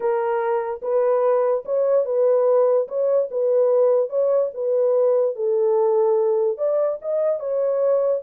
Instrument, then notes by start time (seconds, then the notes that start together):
horn
0.00 A#4
0.82 B4
1.65 C#5
2.05 B4
2.88 C#5
3.30 B4
4.09 C#5
4.53 B4
5.35 A4
6.57 D5
7.01 D#5
7.39 C#5